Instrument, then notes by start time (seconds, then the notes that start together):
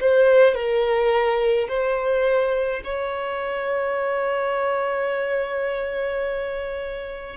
violin
0.00 C5
0.55 A#4
1.68 C5
2.84 C#5